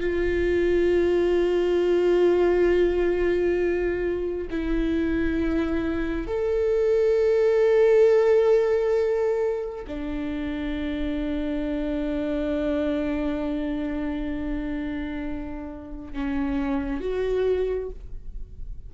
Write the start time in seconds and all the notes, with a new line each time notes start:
0.00 F4
4.51 E4
6.27 A4
9.87 D4
16.13 C#4
17.01 F#4